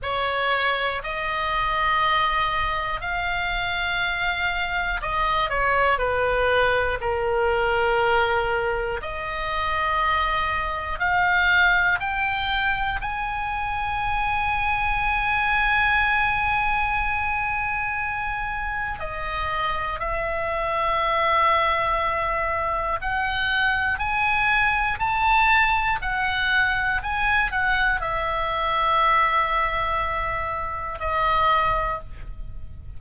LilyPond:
\new Staff \with { instrumentName = "oboe" } { \time 4/4 \tempo 4 = 60 cis''4 dis''2 f''4~ | f''4 dis''8 cis''8 b'4 ais'4~ | ais'4 dis''2 f''4 | g''4 gis''2.~ |
gis''2. dis''4 | e''2. fis''4 | gis''4 a''4 fis''4 gis''8 fis''8 | e''2. dis''4 | }